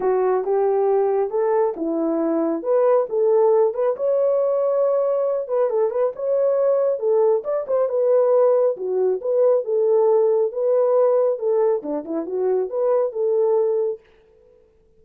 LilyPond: \new Staff \with { instrumentName = "horn" } { \time 4/4 \tempo 4 = 137 fis'4 g'2 a'4 | e'2 b'4 a'4~ | a'8 b'8 cis''2.~ | cis''8 b'8 a'8 b'8 cis''2 |
a'4 d''8 c''8 b'2 | fis'4 b'4 a'2 | b'2 a'4 d'8 e'8 | fis'4 b'4 a'2 | }